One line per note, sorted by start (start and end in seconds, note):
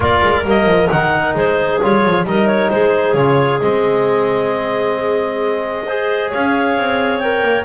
0.00 0.21 A#3
0.00 0.44 F4
0.00 1.34 A#4
0.00 0.47 D5
0.22 0.43 G#3
0.43 0.65 G3
0.43 0.89 A#3
0.43 0.89 D#5
0.65 0.88 F3
0.89 1.34 D#3
0.89 1.80 D#4
0.89 1.34 F#5
1.34 1.79 G#3
1.34 2.24 G#4
1.34 1.81 C5
1.82 2.05 G3
1.82 2.26 F4
1.82 2.26 C#5
2.05 2.23 F3
2.23 2.68 G3
2.23 3.16 D#4
2.23 2.72 A#4
2.23 2.47 D#5
2.47 2.69 C#5
2.69 3.13 G#3
2.69 5.85 G#4
2.69 3.14 C5
3.13 3.58 C#3
3.13 3.61 F4
3.13 3.59 C#5
3.60 6.32 G#3
3.60 5.86 C4
3.60 6.31 D#5
5.85 7.23 G#4
5.85 6.30 C5
6.30 6.77 C#4
6.30 7.65 C#5
6.30 7.18 F5
6.77 7.42 C4
7.18 7.65 A#4
7.18 7.64 G5
7.42 7.64 A#3